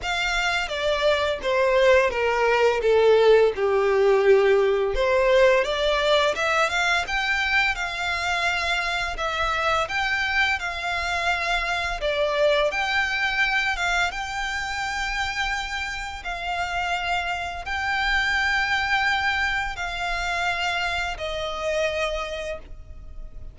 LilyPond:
\new Staff \with { instrumentName = "violin" } { \time 4/4 \tempo 4 = 85 f''4 d''4 c''4 ais'4 | a'4 g'2 c''4 | d''4 e''8 f''8 g''4 f''4~ | f''4 e''4 g''4 f''4~ |
f''4 d''4 g''4. f''8 | g''2. f''4~ | f''4 g''2. | f''2 dis''2 | }